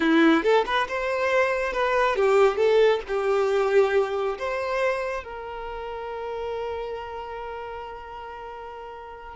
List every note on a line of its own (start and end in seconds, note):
0.00 0.43 E4
0.43 0.65 A4
0.66 0.87 B4
0.88 1.73 C5
1.73 2.16 B4
2.16 2.56 G4
2.56 3.00 A4
3.07 4.38 G4
4.38 5.23 C5
5.23 9.35 A#4